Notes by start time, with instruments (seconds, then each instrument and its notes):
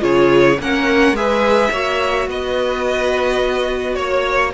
0.00 cello C#3, viola F4, violin G#4 C#5
0.60 cello A#3, viola C#4, violin A#4 F#5
1.12 cello G#3, viola G#4, violin B4 E5
1.71 cello A#3, viola F#4, violin C#5
2.27 cello B3, violin B4 D#5
3.95 cello A#3, violin C#5